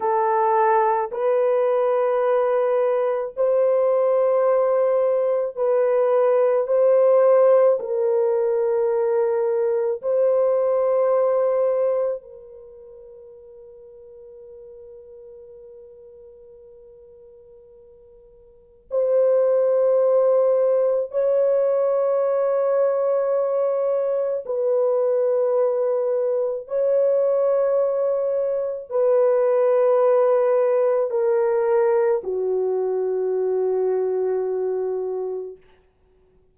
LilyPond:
\new Staff \with { instrumentName = "horn" } { \time 4/4 \tempo 4 = 54 a'4 b'2 c''4~ | c''4 b'4 c''4 ais'4~ | ais'4 c''2 ais'4~ | ais'1~ |
ais'4 c''2 cis''4~ | cis''2 b'2 | cis''2 b'2 | ais'4 fis'2. | }